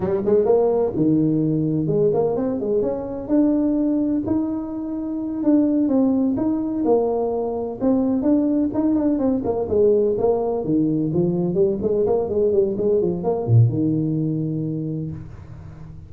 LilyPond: \new Staff \with { instrumentName = "tuba" } { \time 4/4 \tempo 4 = 127 g8 gis8 ais4 dis2 | gis8 ais8 c'8 gis8 cis'4 d'4~ | d'4 dis'2~ dis'8 d'8~ | d'8 c'4 dis'4 ais4.~ |
ais8 c'4 d'4 dis'8 d'8 c'8 | ais8 gis4 ais4 dis4 f8~ | f8 g8 gis8 ais8 gis8 g8 gis8 f8 | ais8 ais,8 dis2. | }